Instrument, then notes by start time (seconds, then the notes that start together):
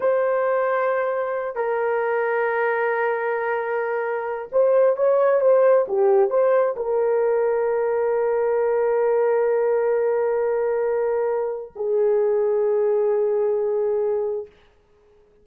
horn
0.00 C5
1.55 A#4
4.52 C5
4.96 C#5
5.40 C5
5.87 G4
6.30 C5
6.76 A#4
11.75 G#4